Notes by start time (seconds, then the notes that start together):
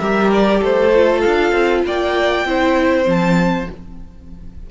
0.00 G3 G4 A#4 E5
0.33 D5
0.60 A3 A4 C5
0.95 F4
1.21 D4 F5
1.52 C4
1.87 A#3 D5 G5
2.46 C4 E4 C5
3.05 F3 C4 A5